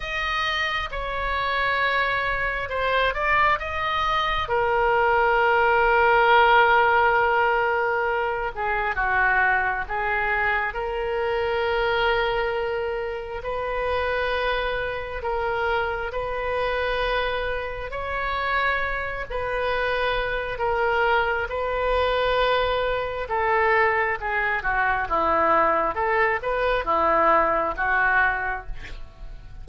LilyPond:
\new Staff \with { instrumentName = "oboe" } { \time 4/4 \tempo 4 = 67 dis''4 cis''2 c''8 d''8 | dis''4 ais'2.~ | ais'4. gis'8 fis'4 gis'4 | ais'2. b'4~ |
b'4 ais'4 b'2 | cis''4. b'4. ais'4 | b'2 a'4 gis'8 fis'8 | e'4 a'8 b'8 e'4 fis'4 | }